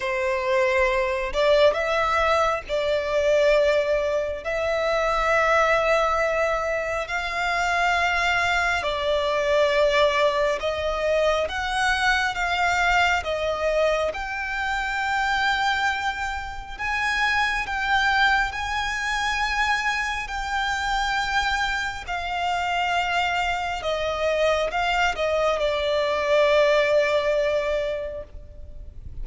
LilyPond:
\new Staff \with { instrumentName = "violin" } { \time 4/4 \tempo 4 = 68 c''4. d''8 e''4 d''4~ | d''4 e''2. | f''2 d''2 | dis''4 fis''4 f''4 dis''4 |
g''2. gis''4 | g''4 gis''2 g''4~ | g''4 f''2 dis''4 | f''8 dis''8 d''2. | }